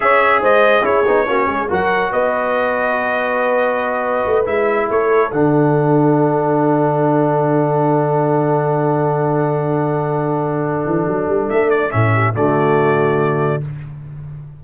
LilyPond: <<
  \new Staff \with { instrumentName = "trumpet" } { \time 4/4 \tempo 4 = 141 e''4 dis''4 cis''2 | fis''4 dis''2.~ | dis''2~ dis''8 e''4 cis''8~ | cis''8 fis''2.~ fis''8~ |
fis''1~ | fis''1~ | fis''2. e''8 d''8 | e''4 d''2. | }
  \new Staff \with { instrumentName = "horn" } { \time 4/4 cis''4 c''4 gis'4 fis'8 gis'8 | ais'4 b'2.~ | b'2.~ b'8 a'8~ | a'1~ |
a'1~ | a'1~ | a'1~ | a'8 g'8 fis'2. | }
  \new Staff \with { instrumentName = "trombone" } { \time 4/4 gis'2 e'8 dis'8 cis'4 | fis'1~ | fis'2~ fis'8 e'4.~ | e'8 d'2.~ d'8~ |
d'1~ | d'1~ | d'1 | cis'4 a2. | }
  \new Staff \with { instrumentName = "tuba" } { \time 4/4 cis'4 gis4 cis'8 b8 ais8 gis8 | fis4 b2.~ | b2 a8 gis4 a8~ | a8 d2.~ d8~ |
d1~ | d1~ | d4. e8 fis8 g8 a4 | a,4 d2. | }
>>